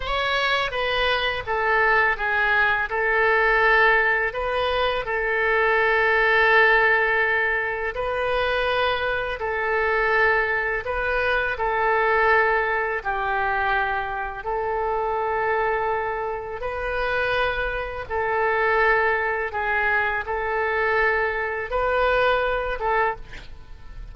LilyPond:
\new Staff \with { instrumentName = "oboe" } { \time 4/4 \tempo 4 = 83 cis''4 b'4 a'4 gis'4 | a'2 b'4 a'4~ | a'2. b'4~ | b'4 a'2 b'4 |
a'2 g'2 | a'2. b'4~ | b'4 a'2 gis'4 | a'2 b'4. a'8 | }